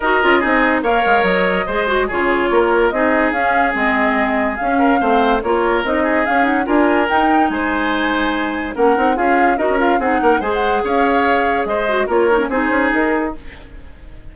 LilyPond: <<
  \new Staff \with { instrumentName = "flute" } { \time 4/4 \tempo 4 = 144 dis''2 f''4 dis''4~ | dis''4 cis''2 dis''4 | f''4 dis''2 f''4~ | f''4 cis''4 dis''4 f''8 fis''8 |
gis''4 g''4 gis''2~ | gis''4 fis''4 f''4 dis''8 f''8 | fis''4 gis''16 fis''8. f''2 | dis''4 cis''4 c''4 ais'4 | }
  \new Staff \with { instrumentName = "oboe" } { \time 4/4 ais'4 gis'4 cis''2 | c''4 gis'4 ais'4 gis'4~ | gis'2.~ gis'8 ais'8 | c''4 ais'4. gis'4. |
ais'2 c''2~ | c''4 ais'4 gis'4 ais'4 | gis'8 ais'8 c''4 cis''2 | c''4 ais'4 gis'2 | }
  \new Staff \with { instrumentName = "clarinet" } { \time 4/4 fis'8 f'8 dis'4 ais'2 | gis'8 fis'8 f'2 dis'4 | cis'4 c'2 cis'4 | c'4 f'4 dis'4 cis'8 dis'8 |
f'4 dis'2.~ | dis'4 cis'8 dis'8 f'4 fis'8 f'8 | dis'4 gis'2.~ | gis'8 fis'8 f'8 dis'16 cis'16 dis'2 | }
  \new Staff \with { instrumentName = "bassoon" } { \time 4/4 dis'8 cis'8 c'4 ais8 gis8 fis4 | gis4 cis4 ais4 c'4 | cis'4 gis2 cis'4 | a4 ais4 c'4 cis'4 |
d'4 dis'4 gis2~ | gis4 ais8 c'8 cis'4 dis'16 cis'8. | c'8 ais8 gis4 cis'2 | gis4 ais4 c'8 cis'8 dis'4 | }
>>